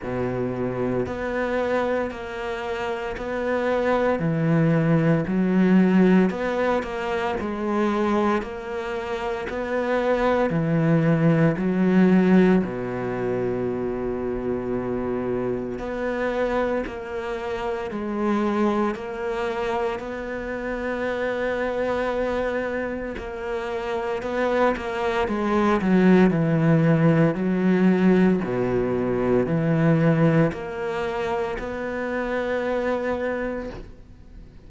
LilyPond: \new Staff \with { instrumentName = "cello" } { \time 4/4 \tempo 4 = 57 b,4 b4 ais4 b4 | e4 fis4 b8 ais8 gis4 | ais4 b4 e4 fis4 | b,2. b4 |
ais4 gis4 ais4 b4~ | b2 ais4 b8 ais8 | gis8 fis8 e4 fis4 b,4 | e4 ais4 b2 | }